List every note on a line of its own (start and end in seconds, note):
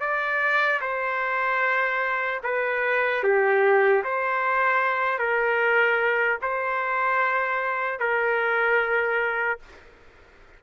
0.00 0.80 D5
0.81 2.41 C5
2.43 3.23 B4
3.23 4.03 G4
4.04 5.18 C5
5.18 6.38 A#4
6.41 7.99 C5
7.99 9.59 A#4